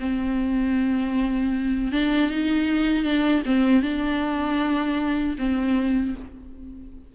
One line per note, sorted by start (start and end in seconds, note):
0.00 1.92 C4
1.92 2.31 D4
2.31 3.05 D#4
3.05 3.43 D4
3.46 3.83 C4
3.83 5.37 D4
5.38 6.15 C4